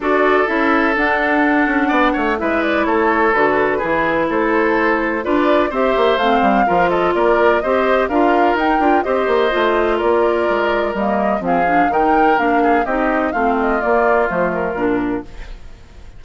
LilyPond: <<
  \new Staff \with { instrumentName = "flute" } { \time 4/4 \tempo 4 = 126 d''4 e''4 fis''2~ | fis''4 e''8 d''8 cis''4 b'4~ | b'4 c''2 d''4 | e''4 f''4. dis''8 d''4 |
dis''4 f''4 g''4 dis''4~ | dis''4 d''2 dis''4 | f''4 g''4 f''4 dis''4 | f''8 dis''8 d''4 c''8 ais'4. | }
  \new Staff \with { instrumentName = "oboe" } { \time 4/4 a'1 | d''8 cis''8 b'4 a'2 | gis'4 a'2 b'4 | c''2 ais'8 a'8 ais'4 |
c''4 ais'2 c''4~ | c''4 ais'2. | gis'4 ais'4. gis'8 g'4 | f'1 | }
  \new Staff \with { instrumentName = "clarinet" } { \time 4/4 fis'4 e'4 d'2~ | d'4 e'2 fis'4 | e'2. f'4 | g'4 c'4 f'2 |
g'4 f'4 dis'8 f'8 g'4 | f'2. ais4 | c'8 d'8 dis'4 d'4 dis'4 | c'4 ais4 a4 d'4 | }
  \new Staff \with { instrumentName = "bassoon" } { \time 4/4 d'4 cis'4 d'4. cis'8 | b8 a8 gis4 a4 d4 | e4 a2 d'4 | c'8 ais8 a8 g8 f4 ais4 |
c'4 d'4 dis'8 d'8 c'8 ais8 | a4 ais4 gis4 g4 | f4 dis4 ais4 c'4 | a4 ais4 f4 ais,4 | }
>>